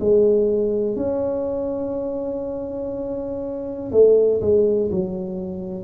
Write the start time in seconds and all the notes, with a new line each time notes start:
0.00 G#3
0.96 C#4
3.92 A3
4.41 G#3
4.91 F#3